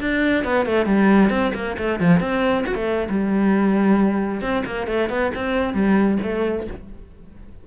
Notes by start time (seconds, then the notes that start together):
0.00 D4
0.44 B3
0.65 A3
0.86 G3
1.29 C4
1.54 A#3
1.77 A3
2.00 F3
2.20 C4
2.66 F#4
2.74 A3
3.09 G3
4.41 C4
4.65 A#3
4.87 A3
5.09 B3
5.35 C4
5.73 G3
6.22 A3